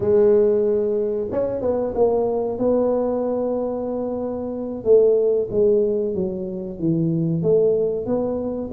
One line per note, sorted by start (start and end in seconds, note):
0.00 1.27 G#3
1.31 1.61 C#4
1.61 1.93 B3
1.94 2.58 A#3
2.58 4.84 B3
4.84 5.48 A3
5.50 6.14 G#3
6.14 6.79 F#3
6.79 7.42 E3
7.42 8.06 A3
8.06 8.70 B3